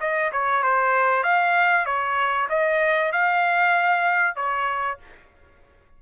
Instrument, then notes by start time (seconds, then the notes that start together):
trumpet
0.00 D#5
0.32 C#5
0.63 C5
1.23 F5
1.86 C#5
2.49 D#5
3.12 F5
4.36 C#5